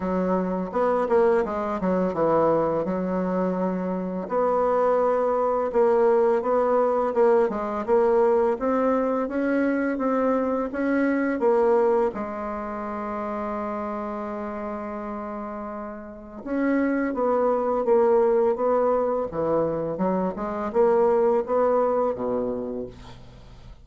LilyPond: \new Staff \with { instrumentName = "bassoon" } { \time 4/4 \tempo 4 = 84 fis4 b8 ais8 gis8 fis8 e4 | fis2 b2 | ais4 b4 ais8 gis8 ais4 | c'4 cis'4 c'4 cis'4 |
ais4 gis2.~ | gis2. cis'4 | b4 ais4 b4 e4 | fis8 gis8 ais4 b4 b,4 | }